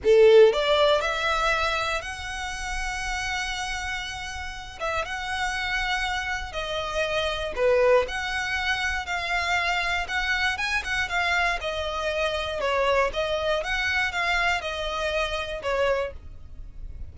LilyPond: \new Staff \with { instrumentName = "violin" } { \time 4/4 \tempo 4 = 119 a'4 d''4 e''2 | fis''1~ | fis''4. e''8 fis''2~ | fis''4 dis''2 b'4 |
fis''2 f''2 | fis''4 gis''8 fis''8 f''4 dis''4~ | dis''4 cis''4 dis''4 fis''4 | f''4 dis''2 cis''4 | }